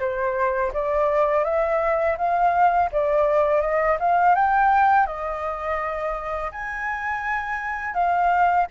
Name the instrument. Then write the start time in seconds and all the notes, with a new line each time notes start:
flute
0.00 C5
0.74 D5
1.45 E5
2.18 F5
2.92 D5
3.61 D#5
4.00 F5
4.35 G5
5.07 D#5
6.52 G#5
7.94 F5